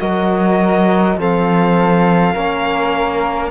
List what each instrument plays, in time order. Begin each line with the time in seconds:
0.00 cello F#3, trombone F#4, flute A#4, violin D#5
1.18 cello F3, trombone C4, flute A4, violin F5
2.34 cello A#3, trombone C#4, flute A#4